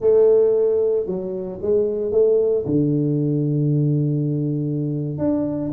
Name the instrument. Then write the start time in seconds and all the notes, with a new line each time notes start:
tuba
0.00 A3
1.06 F#3
1.61 G#3
2.11 A3
2.65 D3
5.18 D4